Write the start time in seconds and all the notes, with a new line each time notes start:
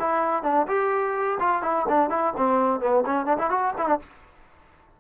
0.00 E4
0.44 D4
0.68 G4
1.40 F4
1.63 E4
1.89 D4
2.10 E4
2.38 C4
2.80 B3
3.06 C#4
3.26 D4
3.39 E4
3.51 F#4
3.78 E4
3.88 D4